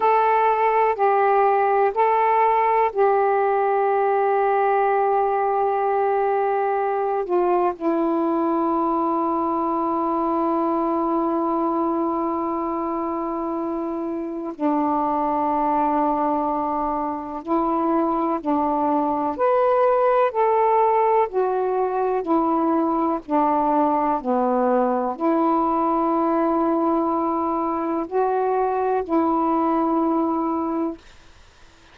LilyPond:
\new Staff \with { instrumentName = "saxophone" } { \time 4/4 \tempo 4 = 62 a'4 g'4 a'4 g'4~ | g'2.~ g'8 f'8 | e'1~ | e'2. d'4~ |
d'2 e'4 d'4 | b'4 a'4 fis'4 e'4 | d'4 b4 e'2~ | e'4 fis'4 e'2 | }